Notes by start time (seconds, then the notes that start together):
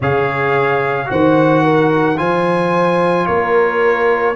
0.00 C#3 G#4 C#5 F5
1.06 D#3 F#4 C5 F#5
1.63 A#4
2.17 F3 F4 C5 G#5
3.26 A#3 A#4 C#5